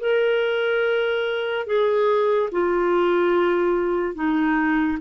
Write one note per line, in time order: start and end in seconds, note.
0.00 1.66 A#4
1.66 2.50 G#4
2.52 4.15 F4
4.15 4.98 D#4